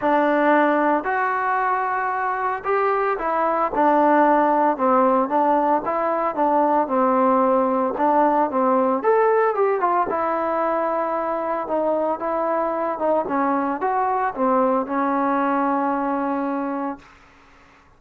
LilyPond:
\new Staff \with { instrumentName = "trombone" } { \time 4/4 \tempo 4 = 113 d'2 fis'2~ | fis'4 g'4 e'4 d'4~ | d'4 c'4 d'4 e'4 | d'4 c'2 d'4 |
c'4 a'4 g'8 f'8 e'4~ | e'2 dis'4 e'4~ | e'8 dis'8 cis'4 fis'4 c'4 | cis'1 | }